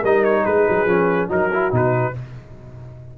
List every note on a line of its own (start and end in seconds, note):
0.00 0.45 G3
0.00 0.88 D#4
0.00 0.42 A#4
0.00 0.24 D#5
0.24 0.45 C#5
0.45 0.67 G#3
0.45 1.30 G#4
0.45 1.29 B4
0.69 0.86 F#3
0.86 1.28 F3
0.86 1.28 C#4
1.28 1.71 F#3
1.28 1.49 D#4
1.28 2.14 F#4
1.28 1.74 A#4
1.53 1.71 E4
1.71 2.14 B2
1.71 2.13 D#4
1.71 2.18 B4